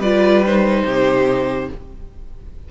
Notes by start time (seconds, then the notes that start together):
0.00 G3 F4 B4 D5
0.46 D#4 C5
0.85 C3 G4